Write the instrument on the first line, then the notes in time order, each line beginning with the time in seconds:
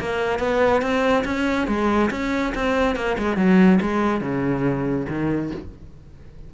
cello
0.00 A#3
0.39 B3
0.82 C4
1.25 C#4
1.68 G#3
2.11 C#4
2.55 C4
2.96 A#3
3.19 G#3
3.37 F#3
3.81 G#3
4.21 C#3
5.09 D#3